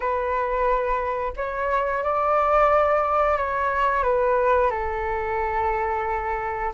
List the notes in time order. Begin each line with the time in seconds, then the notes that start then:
0.00 B4
1.36 C#5
2.03 D5
3.37 C#5
4.03 B4
4.70 A4